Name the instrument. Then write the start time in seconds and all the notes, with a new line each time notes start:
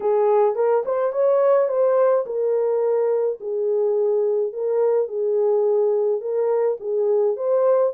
horn
0.00 G#4
0.55 A#4
0.85 C5
1.12 C#5
1.68 C5
2.25 A#4
3.40 G#4
4.53 A#4
5.07 G#4
6.20 A#4
6.80 G#4
7.36 C5